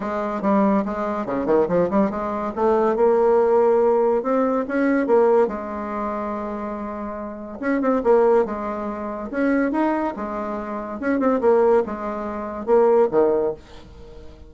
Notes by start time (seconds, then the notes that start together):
0.00 G#3
0.41 G3
0.85 G#3
1.25 C#3
1.46 D#3
1.68 F3
1.90 G3
2.10 G#3
2.55 A3
2.96 A#3
4.23 C4
4.68 C#4
5.06 A#3
5.47 G#3
7.60 C#4
7.81 C4
8.03 A#3
8.45 G#3
9.31 C#4
9.71 D#4
10.16 G#3
11.00 C#4
11.19 C4
11.41 A#3
11.86 G#3
12.65 A#3
13.11 D#3